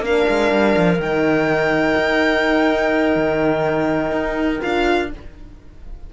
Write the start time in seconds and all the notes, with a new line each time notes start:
0.00 A#3 D4 A#4 F5
0.29 G#3
0.51 G3
0.77 F3
0.98 D#3 D#4 G5
1.96 D#4
3.15 D#3
4.11 D#4
4.62 D4 F4 F5